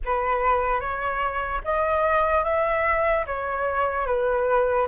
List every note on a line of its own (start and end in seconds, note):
0.04 0.80 B4
0.80 1.61 C#5
1.64 2.44 D#5
2.44 3.25 E5
3.26 4.06 C#5
4.06 4.87 B4